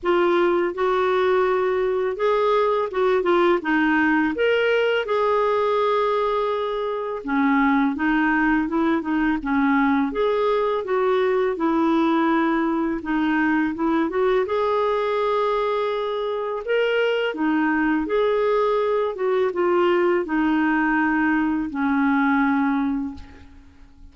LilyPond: \new Staff \with { instrumentName = "clarinet" } { \time 4/4 \tempo 4 = 83 f'4 fis'2 gis'4 | fis'8 f'8 dis'4 ais'4 gis'4~ | gis'2 cis'4 dis'4 | e'8 dis'8 cis'4 gis'4 fis'4 |
e'2 dis'4 e'8 fis'8 | gis'2. ais'4 | dis'4 gis'4. fis'8 f'4 | dis'2 cis'2 | }